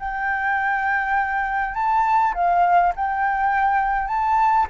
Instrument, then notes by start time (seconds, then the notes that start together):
flute
0.00 G5
1.75 A5
2.34 F5
2.96 G5
4.08 A5